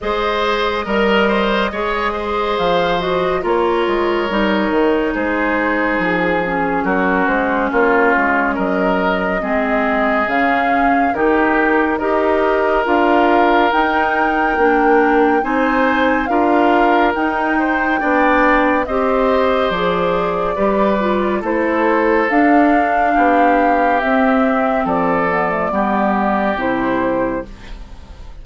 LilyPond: <<
  \new Staff \with { instrumentName = "flute" } { \time 4/4 \tempo 4 = 70 dis''2. f''8 dis''8 | cis''2 c''4 gis'4 | ais'8 c''8 cis''4 dis''2 | f''4 ais'4 dis''4 f''4 |
g''2 gis''4 f''4 | g''2 dis''4 d''4~ | d''4 c''4 f''2 | e''4 d''2 c''4 | }
  \new Staff \with { instrumentName = "oboe" } { \time 4/4 c''4 ais'8 c''8 cis''8 c''4. | ais'2 gis'2 | fis'4 f'4 ais'4 gis'4~ | gis'4 g'4 ais'2~ |
ais'2 c''4 ais'4~ | ais'8 c''8 d''4 c''2 | b'4 a'2 g'4~ | g'4 a'4 g'2 | }
  \new Staff \with { instrumentName = "clarinet" } { \time 4/4 gis'4 ais'4 gis'4. fis'8 | f'4 dis'2~ dis'8 cis'8~ | cis'2. c'4 | cis'4 dis'4 g'4 f'4 |
dis'4 d'4 dis'4 f'4 | dis'4 d'4 g'4 gis'4 | g'8 f'8 e'4 d'2 | c'4. b16 a16 b4 e'4 | }
  \new Staff \with { instrumentName = "bassoon" } { \time 4/4 gis4 g4 gis4 f4 | ais8 gis8 g8 dis8 gis4 f4 | fis8 gis8 ais8 gis8 fis4 gis4 | cis4 dis4 dis'4 d'4 |
dis'4 ais4 c'4 d'4 | dis'4 b4 c'4 f4 | g4 a4 d'4 b4 | c'4 f4 g4 c4 | }
>>